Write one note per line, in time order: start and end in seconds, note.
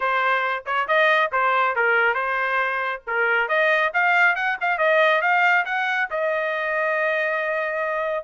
0.00 0.64 C5
0.66 0.87 C#5
0.87 1.30 D#5
1.32 1.75 C5
1.75 2.14 A#4
2.14 3.01 C5
3.07 3.48 A#4
3.48 3.92 D#5
3.93 4.35 F5
4.35 4.57 F#5
4.60 4.77 F5
4.77 5.21 D#5
5.21 5.64 F5
5.65 6.08 F#5
6.10 8.24 D#5